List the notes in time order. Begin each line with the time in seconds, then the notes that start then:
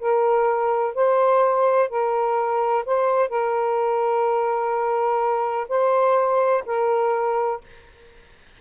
0.00 A#4
0.95 C5
1.90 A#4
2.86 C5
3.30 A#4
5.69 C5
6.66 A#4